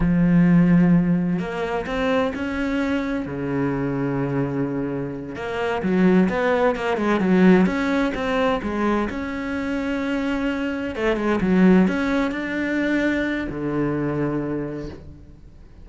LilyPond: \new Staff \with { instrumentName = "cello" } { \time 4/4 \tempo 4 = 129 f2. ais4 | c'4 cis'2 cis4~ | cis2.~ cis8 ais8~ | ais8 fis4 b4 ais8 gis8 fis8~ |
fis8 cis'4 c'4 gis4 cis'8~ | cis'2.~ cis'8 a8 | gis8 fis4 cis'4 d'4.~ | d'4 d2. | }